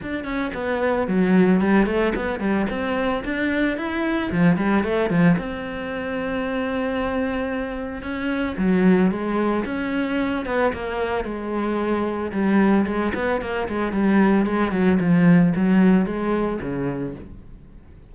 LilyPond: \new Staff \with { instrumentName = "cello" } { \time 4/4 \tempo 4 = 112 d'8 cis'8 b4 fis4 g8 a8 | b8 g8 c'4 d'4 e'4 | f8 g8 a8 f8 c'2~ | c'2. cis'4 |
fis4 gis4 cis'4. b8 | ais4 gis2 g4 | gis8 b8 ais8 gis8 g4 gis8 fis8 | f4 fis4 gis4 cis4 | }